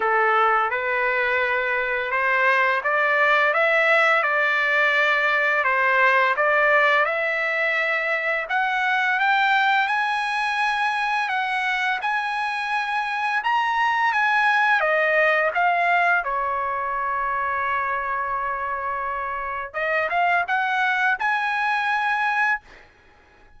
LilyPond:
\new Staff \with { instrumentName = "trumpet" } { \time 4/4 \tempo 4 = 85 a'4 b'2 c''4 | d''4 e''4 d''2 | c''4 d''4 e''2 | fis''4 g''4 gis''2 |
fis''4 gis''2 ais''4 | gis''4 dis''4 f''4 cis''4~ | cis''1 | dis''8 f''8 fis''4 gis''2 | }